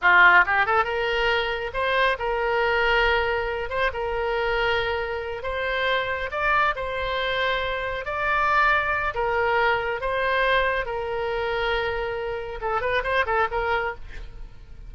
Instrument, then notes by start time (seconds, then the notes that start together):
oboe
0.01 F4
0.46 G4
0.66 A4
0.84 A#4
1.73 C5
2.19 A#4
3.69 C5
3.93 A#4
5.42 C5
6.31 D5
6.75 C5
8.05 D5
9.14 A#4
10.01 C5
10.85 A#4
12.61 A4
12.81 B4
13.03 C5
13.25 A4
13.51 A#4